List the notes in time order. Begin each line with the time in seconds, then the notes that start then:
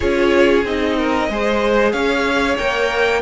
0.00 C#4 F4 G#4 C#5
0.64 C4 D#4 D#5
0.97 A#4
1.29 G#3 G#4 C5
1.92 C#4 C#5 F5
2.58 A#3 A#4 G5